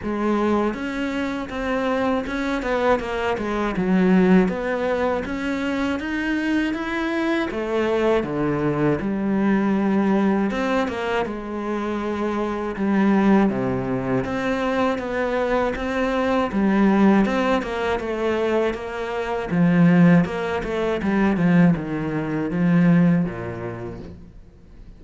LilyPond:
\new Staff \with { instrumentName = "cello" } { \time 4/4 \tempo 4 = 80 gis4 cis'4 c'4 cis'8 b8 | ais8 gis8 fis4 b4 cis'4 | dis'4 e'4 a4 d4 | g2 c'8 ais8 gis4~ |
gis4 g4 c4 c'4 | b4 c'4 g4 c'8 ais8 | a4 ais4 f4 ais8 a8 | g8 f8 dis4 f4 ais,4 | }